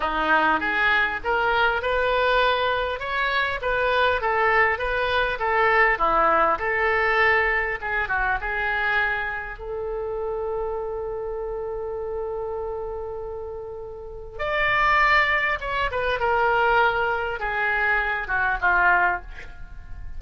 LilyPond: \new Staff \with { instrumentName = "oboe" } { \time 4/4 \tempo 4 = 100 dis'4 gis'4 ais'4 b'4~ | b'4 cis''4 b'4 a'4 | b'4 a'4 e'4 a'4~ | a'4 gis'8 fis'8 gis'2 |
a'1~ | a'1 | d''2 cis''8 b'8 ais'4~ | ais'4 gis'4. fis'8 f'4 | }